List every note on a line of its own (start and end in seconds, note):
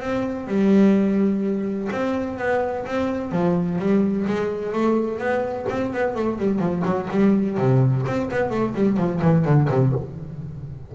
0.00 0.47 C4
0.47 1.89 G3
1.91 2.38 C4
2.38 2.85 B3
2.86 3.32 C4
3.32 3.78 F3
3.78 4.25 G3
4.27 4.72 G#3
4.72 5.18 A3
5.18 5.65 B3
5.69 5.93 C4
5.93 6.15 B3
6.15 6.38 A3
6.38 6.59 G3
6.59 6.82 F3
6.85 7.08 F#3
7.10 7.58 G3
7.58 8.05 C3
8.06 8.29 C4
8.31 8.50 B3
8.50 8.74 A3
8.74 8.97 G3
8.97 9.21 F3
9.21 9.45 E3
9.45 9.68 D3
9.70 9.93 C3